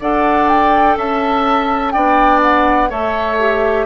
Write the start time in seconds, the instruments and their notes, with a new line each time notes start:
0.00 bassoon D4, clarinet A4, oboe D5, flute F#5
0.49 flute G5
0.97 bassoon C#4, oboe E5, flute A5
1.92 bassoon B3, clarinet D4, oboe D5, flute G5
2.42 flute F#5
2.89 bassoon A3, clarinet A4, oboe C#5, flute E5
3.39 clarinet G4